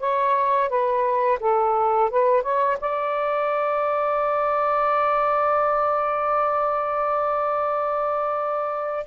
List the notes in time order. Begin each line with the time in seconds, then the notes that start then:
0.00 C#5
0.69 B4
1.40 A4
2.10 B4
2.43 C#5
2.81 D5